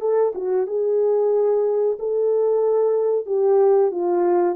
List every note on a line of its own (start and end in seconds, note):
0.00 0.33 A4
0.35 0.67 F#4
0.67 1.97 G#4
1.99 3.26 A4
3.26 3.91 G4
3.91 4.56 F4